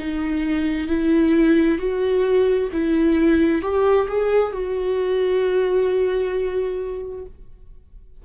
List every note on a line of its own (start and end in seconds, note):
0.00 0.88 D#4
0.88 1.79 E4
1.79 2.70 F#4
2.73 3.62 E4
3.62 4.08 G4
4.09 4.53 G#4
4.53 7.26 F#4